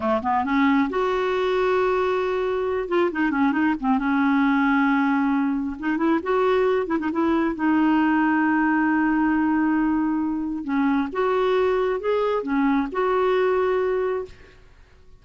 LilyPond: \new Staff \with { instrumentName = "clarinet" } { \time 4/4 \tempo 4 = 135 a8 b8 cis'4 fis'2~ | fis'2~ fis'8 f'8 dis'8 cis'8 | dis'8 c'8 cis'2.~ | cis'4 dis'8 e'8 fis'4. e'16 dis'16 |
e'4 dis'2.~ | dis'1 | cis'4 fis'2 gis'4 | cis'4 fis'2. | }